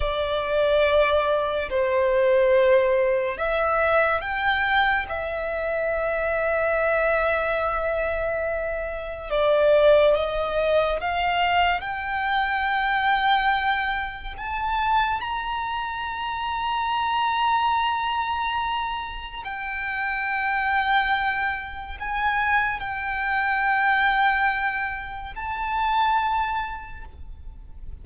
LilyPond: \new Staff \with { instrumentName = "violin" } { \time 4/4 \tempo 4 = 71 d''2 c''2 | e''4 g''4 e''2~ | e''2. d''4 | dis''4 f''4 g''2~ |
g''4 a''4 ais''2~ | ais''2. g''4~ | g''2 gis''4 g''4~ | g''2 a''2 | }